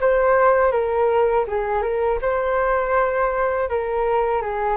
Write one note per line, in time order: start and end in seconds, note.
0.00 0.71 C5
0.71 1.45 A#4
1.47 1.82 G#4
1.82 2.19 A#4
2.21 3.69 C5
3.69 4.41 A#4
4.41 4.77 G#4